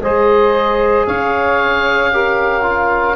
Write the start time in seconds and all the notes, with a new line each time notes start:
0.00 G#3 G#4 C5 D#5
1.06 C#4 C#5 F5
2.12 G4 A#4
2.62 F4